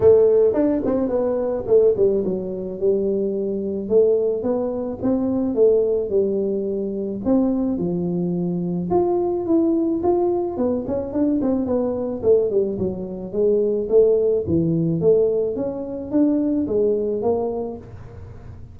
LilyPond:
\new Staff \with { instrumentName = "tuba" } { \time 4/4 \tempo 4 = 108 a4 d'8 c'8 b4 a8 g8 | fis4 g2 a4 | b4 c'4 a4 g4~ | g4 c'4 f2 |
f'4 e'4 f'4 b8 cis'8 | d'8 c'8 b4 a8 g8 fis4 | gis4 a4 e4 a4 | cis'4 d'4 gis4 ais4 | }